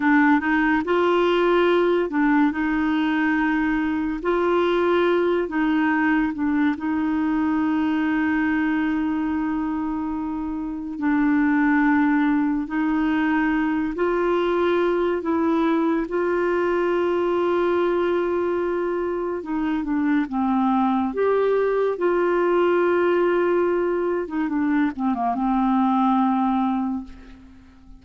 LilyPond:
\new Staff \with { instrumentName = "clarinet" } { \time 4/4 \tempo 4 = 71 d'8 dis'8 f'4. d'8 dis'4~ | dis'4 f'4. dis'4 d'8 | dis'1~ | dis'4 d'2 dis'4~ |
dis'8 f'4. e'4 f'4~ | f'2. dis'8 d'8 | c'4 g'4 f'2~ | f'8. dis'16 d'8 c'16 ais16 c'2 | }